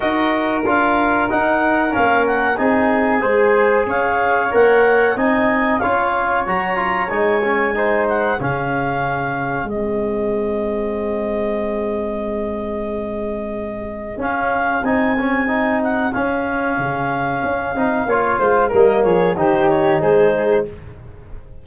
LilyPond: <<
  \new Staff \with { instrumentName = "clarinet" } { \time 4/4 \tempo 4 = 93 dis''4 f''4 fis''4 f''8 fis''8 | gis''2 f''4 fis''4 | gis''4 f''4 ais''4 gis''4~ | gis''8 fis''8 f''2 dis''4~ |
dis''1~ | dis''2 f''4 gis''4~ | gis''8 fis''8 f''2.~ | f''4 dis''8 cis''8 c''8 cis''8 c''4 | }
  \new Staff \with { instrumentName = "flute" } { \time 4/4 ais'1 | gis'4 c''4 cis''2 | dis''4 cis''2. | c''4 gis'2.~ |
gis'1~ | gis'1~ | gis'1 | cis''8 c''8 ais'8 gis'8 g'4 gis'4 | }
  \new Staff \with { instrumentName = "trombone" } { \time 4/4 fis'4 f'4 dis'4 cis'4 | dis'4 gis'2 ais'4 | dis'4 f'4 fis'8 f'8 dis'8 cis'8 | dis'4 cis'2 c'4~ |
c'1~ | c'2 cis'4 dis'8 cis'8 | dis'4 cis'2~ cis'8 dis'8 | f'4 ais4 dis'2 | }
  \new Staff \with { instrumentName = "tuba" } { \time 4/4 dis'4 d'4 dis'4 ais4 | c'4 gis4 cis'4 ais4 | c'4 cis'4 fis4 gis4~ | gis4 cis2 gis4~ |
gis1~ | gis2 cis'4 c'4~ | c'4 cis'4 cis4 cis'8 c'8 | ais8 gis8 g8 f8 dis4 gis4 | }
>>